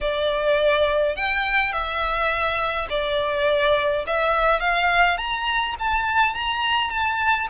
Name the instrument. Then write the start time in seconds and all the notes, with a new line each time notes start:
violin
0.01 D5
1.15 G5
1.72 E5
2.89 D5
4.06 E5
4.60 F5
5.17 A#5
5.78 A5
6.34 A#5
6.89 A5